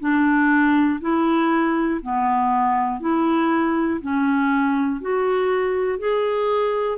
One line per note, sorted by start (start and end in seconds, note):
0.00 1.00 D4
1.01 2.01 E4
2.02 3.00 B3
3.00 4.00 E4
4.01 5.01 C#4
5.01 5.99 F#4
5.99 6.98 G#4